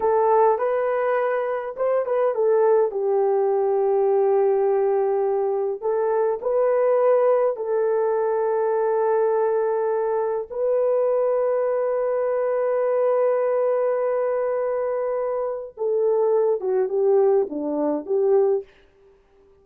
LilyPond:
\new Staff \with { instrumentName = "horn" } { \time 4/4 \tempo 4 = 103 a'4 b'2 c''8 b'8 | a'4 g'2.~ | g'2 a'4 b'4~ | b'4 a'2.~ |
a'2 b'2~ | b'1~ | b'2. a'4~ | a'8 fis'8 g'4 d'4 g'4 | }